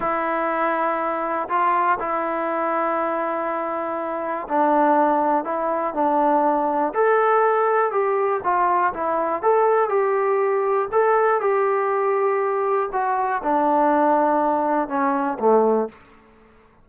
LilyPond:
\new Staff \with { instrumentName = "trombone" } { \time 4/4 \tempo 4 = 121 e'2. f'4 | e'1~ | e'4 d'2 e'4 | d'2 a'2 |
g'4 f'4 e'4 a'4 | g'2 a'4 g'4~ | g'2 fis'4 d'4~ | d'2 cis'4 a4 | }